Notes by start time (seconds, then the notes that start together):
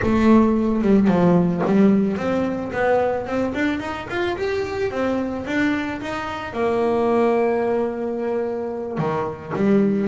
0.02 A3
0.81 G3
1.07 F3
1.65 G3
2.17 C4
2.72 B3
3.26 C4
3.54 D4
3.79 D#4
4.09 F4
4.37 G4
4.90 C4
5.46 D4
6.01 D#4
6.53 A#3
8.98 D#3
9.55 G3